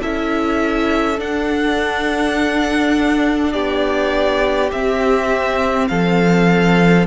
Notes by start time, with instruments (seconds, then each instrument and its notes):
0.00 cello C#4, viola E4, violin A4 E5
1.17 viola D4, cello D4, violin F#5
3.52 cello B3, violin G4 D5
4.72 cello C4, viola C4, violin E5
5.88 cello F3, violin A4 F5